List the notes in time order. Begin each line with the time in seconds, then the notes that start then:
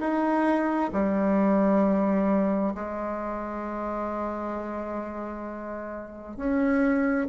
0.00 D#4
0.93 G3
2.75 G#3
6.37 C#4